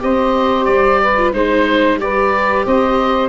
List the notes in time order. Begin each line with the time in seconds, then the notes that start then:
0.00 C4 G4 C5 D#5
0.66 G3 D5
1.02 B4
1.18 F4
1.34 G#3 D#4 C5
1.98 G3 G4 B4 D5
2.66 C4 C5 D#5